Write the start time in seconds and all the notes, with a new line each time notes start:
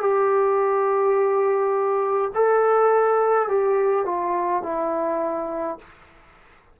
0.00 G4
2.34 A4
3.48 G4
4.05 F4
4.63 E4